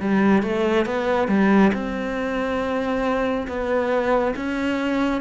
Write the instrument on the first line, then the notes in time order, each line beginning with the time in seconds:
cello
0.00 G3
0.42 A3
0.86 B3
1.28 G3
1.73 C4
3.47 B3
4.36 C#4